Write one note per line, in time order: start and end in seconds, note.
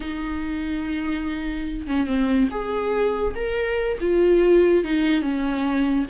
0.00 1.87 D#4
1.87 2.06 C#4
2.06 2.48 C4
2.50 3.34 G#4
3.35 3.98 A#4
4.00 4.83 F4
4.83 5.22 D#4
5.22 6.06 C#4